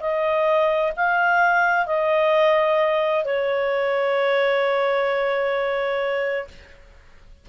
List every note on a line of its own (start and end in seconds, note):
0.00 0.92 D#5
0.96 1.86 F5
1.86 3.25 D#5
3.25 6.48 C#5